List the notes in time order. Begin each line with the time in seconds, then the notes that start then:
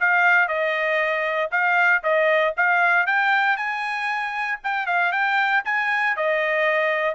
0.00 F5
0.48 D#5
1.51 F5
2.03 D#5
2.57 F5
3.07 G5
3.57 G#5
4.63 G5
4.86 F5
5.12 G5
5.65 G#5
6.16 D#5